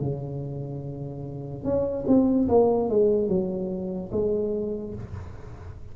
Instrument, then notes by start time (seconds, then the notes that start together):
tuba
0.00 C#3
1.64 C#4
2.07 C4
2.48 A#3
2.89 G#3
3.28 F#3
4.12 G#3